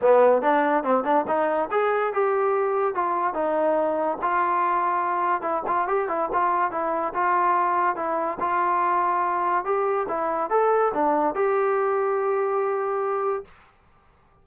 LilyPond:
\new Staff \with { instrumentName = "trombone" } { \time 4/4 \tempo 4 = 143 b4 d'4 c'8 d'8 dis'4 | gis'4 g'2 f'4 | dis'2 f'2~ | f'4 e'8 f'8 g'8 e'8 f'4 |
e'4 f'2 e'4 | f'2. g'4 | e'4 a'4 d'4 g'4~ | g'1 | }